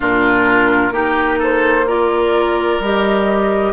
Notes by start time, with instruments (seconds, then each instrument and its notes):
0.00 bassoon A#2, clarinet D4, oboe F4, flute A#4
0.91 bassoon A#3, clarinet D#4, oboe G4
1.38 oboe A4, flute C5
1.87 clarinet F4, oboe A#4, flute D5
2.79 bassoon G3, clarinet G4, flute D#5